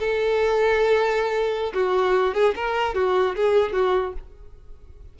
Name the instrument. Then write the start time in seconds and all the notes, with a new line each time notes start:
violin
0.00 A4
1.74 F#4
2.35 G#4
2.56 A#4
2.95 F#4
3.36 G#4
3.73 F#4